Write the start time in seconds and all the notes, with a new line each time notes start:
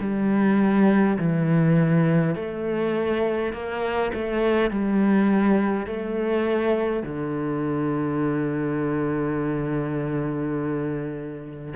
0.00 G3
1.18 E3
2.35 A3
3.53 A#3
4.14 A3
4.71 G3
5.87 A3
7.03 D3